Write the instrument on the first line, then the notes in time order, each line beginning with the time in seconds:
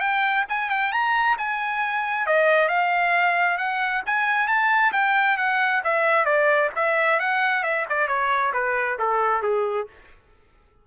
trumpet
0.00 G5
0.49 G#5
0.69 G5
0.92 A#5
1.38 G#5
2.26 D#5
2.69 F5
3.58 F#5
4.06 G#5
4.48 A5
4.92 G5
5.37 F#5
5.84 E5
6.25 D5
6.76 E5
7.20 F#5
7.63 E5
7.89 D5
8.08 C#5
8.53 B4
8.99 A4
9.43 G#4